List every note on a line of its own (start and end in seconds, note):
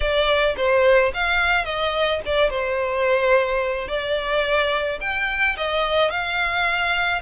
0.00 0.55 D5
0.57 1.12 C5
1.14 1.65 F5
1.65 2.20 D#5
2.25 2.50 D5
2.50 3.87 C5
3.87 4.98 D5
5.01 5.56 G5
5.57 6.10 D#5
6.10 7.21 F5